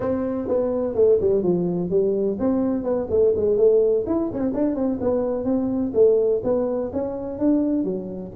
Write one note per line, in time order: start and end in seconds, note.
0.00 0.48 C4
0.48 0.94 B3
0.94 1.18 A3
1.21 1.43 G3
1.43 1.90 F3
1.90 2.37 G3
2.39 2.83 C4
2.83 3.07 B3
3.10 3.33 A3
3.36 3.57 G#3
3.57 4.05 A3
4.06 4.30 E4
4.32 4.39 C#4
4.39 4.51 C4
4.53 4.75 D4
4.75 4.99 C4
5.00 5.44 B3
5.44 5.92 C4
5.94 6.41 A3
6.43 6.91 B3
6.93 7.39 C#4
7.39 7.84 D4
7.84 8.31 F#3